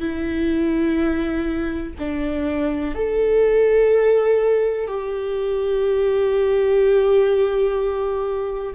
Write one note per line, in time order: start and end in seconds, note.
0.00 1.94 E4
1.99 2.95 D4
2.95 4.87 A4
4.87 8.74 G4